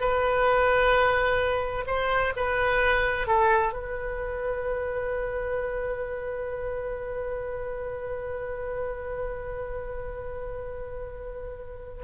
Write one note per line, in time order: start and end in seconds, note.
0.00 1.85 B4
1.87 2.33 C5
2.36 3.27 B4
3.27 3.73 A4
3.73 12.04 B4